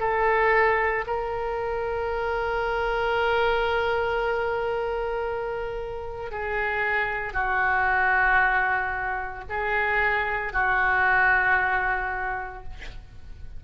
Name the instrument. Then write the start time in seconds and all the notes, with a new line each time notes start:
oboe
0.00 A4
1.07 A#4
6.32 G#4
7.33 F#4
9.49 G#4
10.53 F#4